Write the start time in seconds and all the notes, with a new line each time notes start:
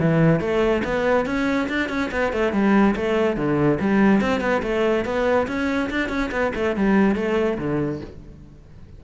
0.00 E3
0.41 A3
0.85 B3
1.26 C#4
1.69 D4
1.89 C#4
2.12 B3
2.33 A3
2.53 G3
2.96 A3
3.37 D3
3.81 G3
4.21 C4
4.41 B3
4.63 A3
5.05 B3
5.48 C#4
5.91 D4
6.09 C#4
6.32 B3
6.56 A3
6.77 G3
7.16 A3
7.58 D3